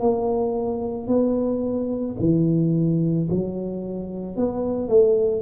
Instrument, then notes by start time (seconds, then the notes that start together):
tuba
0.00 A#3
1.08 B3
2.20 E3
3.30 F#3
4.37 B3
4.89 A3